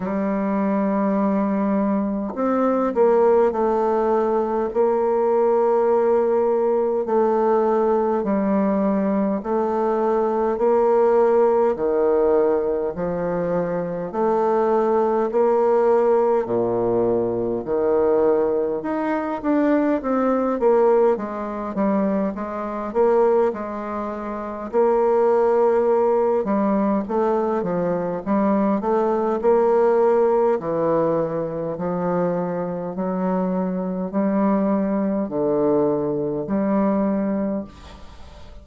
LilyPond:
\new Staff \with { instrumentName = "bassoon" } { \time 4/4 \tempo 4 = 51 g2 c'8 ais8 a4 | ais2 a4 g4 | a4 ais4 dis4 f4 | a4 ais4 ais,4 dis4 |
dis'8 d'8 c'8 ais8 gis8 g8 gis8 ais8 | gis4 ais4. g8 a8 f8 | g8 a8 ais4 e4 f4 | fis4 g4 d4 g4 | }